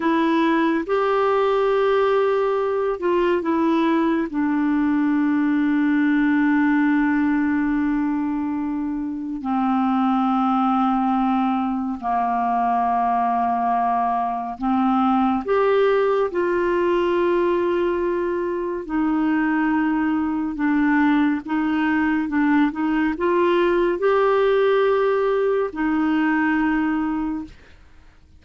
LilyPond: \new Staff \with { instrumentName = "clarinet" } { \time 4/4 \tempo 4 = 70 e'4 g'2~ g'8 f'8 | e'4 d'2.~ | d'2. c'4~ | c'2 ais2~ |
ais4 c'4 g'4 f'4~ | f'2 dis'2 | d'4 dis'4 d'8 dis'8 f'4 | g'2 dis'2 | }